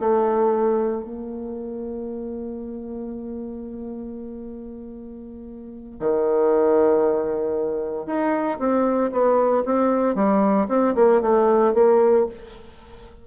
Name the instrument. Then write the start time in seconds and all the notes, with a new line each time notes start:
bassoon
0.00 A3
1.04 A#3
6.00 D#3
8.06 D#4
8.59 C4
9.12 B3
9.65 C4
10.15 G3
10.68 C4
10.95 A#3
11.22 A3
11.74 A#3